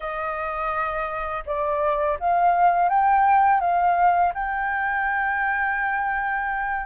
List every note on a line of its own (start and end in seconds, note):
0.00 1.43 D#5
1.46 2.18 D5
2.19 2.89 F5
2.89 3.60 G5
3.60 4.32 F5
4.34 6.86 G5